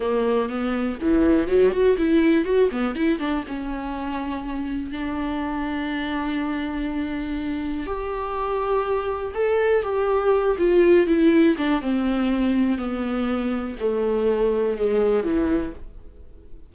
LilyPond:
\new Staff \with { instrumentName = "viola" } { \time 4/4 \tempo 4 = 122 ais4 b4 e4 fis8 fis'8 | e'4 fis'8 b8 e'8 d'8 cis'4~ | cis'2 d'2~ | d'1 |
g'2. a'4 | g'4. f'4 e'4 d'8 | c'2 b2 | a2 gis4 e4 | }